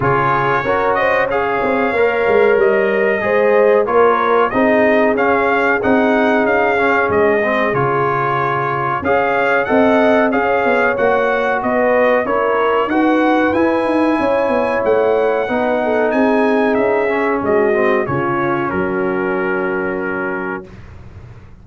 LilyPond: <<
  \new Staff \with { instrumentName = "trumpet" } { \time 4/4 \tempo 4 = 93 cis''4. dis''8 f''2 | dis''2 cis''4 dis''4 | f''4 fis''4 f''4 dis''4 | cis''2 f''4 fis''4 |
f''4 fis''4 dis''4 cis''4 | fis''4 gis''2 fis''4~ | fis''4 gis''4 e''4 dis''4 | cis''4 ais'2. | }
  \new Staff \with { instrumentName = "horn" } { \time 4/4 gis'4 ais'8 c''8 cis''2~ | cis''4 c''4 ais'4 gis'4~ | gis'1~ | gis'2 cis''4 dis''4 |
cis''2 b'4 ais'4 | b'2 cis''2 | b'8 a'8 gis'2 fis'4 | f'4 fis'2. | }
  \new Staff \with { instrumentName = "trombone" } { \time 4/4 f'4 fis'4 gis'4 ais'4~ | ais'4 gis'4 f'4 dis'4 | cis'4 dis'4. cis'4 c'8 | f'2 gis'4 a'4 |
gis'4 fis'2 e'4 | fis'4 e'2. | dis'2~ dis'8 cis'4 c'8 | cis'1 | }
  \new Staff \with { instrumentName = "tuba" } { \time 4/4 cis4 cis'4. c'8 ais8 gis8 | g4 gis4 ais4 c'4 | cis'4 c'4 cis'4 gis4 | cis2 cis'4 c'4 |
cis'8 b8 ais4 b4 cis'4 | dis'4 e'8 dis'8 cis'8 b8 a4 | b4 c'4 cis'4 gis4 | cis4 fis2. | }
>>